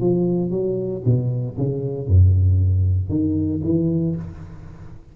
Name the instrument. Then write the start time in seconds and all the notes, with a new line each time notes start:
tuba
0.00 F3
0.51 F#3
1.05 B2
1.57 C#3
2.07 F#2
3.09 D#3
3.63 E3